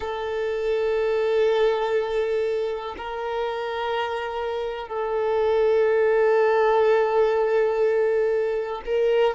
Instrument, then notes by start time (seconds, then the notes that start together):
violin
0.00 A4
2.97 A#4
4.88 A4
8.85 A#4